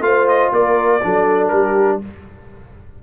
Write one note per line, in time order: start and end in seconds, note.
0.00 0.50 A3
0.00 1.01 F4
0.00 0.54 C5
0.00 0.28 F5
0.28 0.53 D#5
0.52 1.02 A#3
0.52 1.04 A#4
0.52 1.49 D5
1.03 1.52 F#3
1.03 2.02 D4
1.03 1.53 A4
1.49 2.01 G3
1.49 2.03 G4
1.49 1.98 A#4